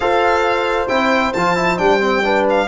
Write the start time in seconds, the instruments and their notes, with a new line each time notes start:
0.00 tuba F4, trombone A4, horn C5, violin F5
0.88 tuba C4, trombone E4, violin G5
1.33 tuba F3, trombone F4, violin A5
1.56 trombone E4
1.78 tuba G3, trombone D4, violin G5
2.00 trombone C4
2.24 trombone D4, horn B4
2.49 violin F5